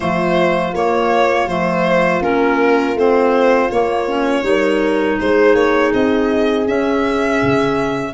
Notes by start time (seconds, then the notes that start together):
0.00 F3 A3 F4 C5
0.73 A#3 C#5
1.46 F3 A3 C5
2.21 A#3 C#4 A#4
2.94 A3 C4 C5
3.70 A#3 C#5
4.07 C#4
4.42 G3 D#4 A#4
5.19 G#3 G#4 C5
5.54 A#3 C#5
5.93 C4 D#5
6.67 C#4 E5
7.42 C#3